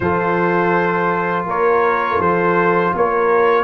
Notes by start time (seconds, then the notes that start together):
0.00 F3 F4 A4 C5
1.45 A#3 A#4 C#5
2.19 F3 A4 C5
2.94 A#3 A#4 C#5